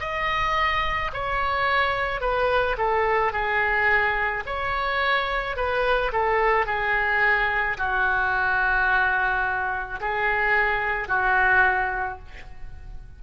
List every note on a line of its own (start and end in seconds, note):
0.00 1.11 D#5
1.13 2.21 C#5
2.21 2.76 B4
2.77 3.32 A4
3.32 4.43 G#4
4.46 5.56 C#5
5.56 6.12 B4
6.12 6.66 A4
6.66 7.77 G#4
7.77 9.99 F#4
10.00 11.08 G#4
11.08 12.19 F#4